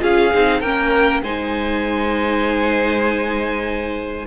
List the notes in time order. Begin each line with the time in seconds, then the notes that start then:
0.00 C#4 F4 G#4 F5
0.34 C4 D#4
0.61 A#3 C#4 A#4 G5
1.23 G#3 D#4 C5 G#5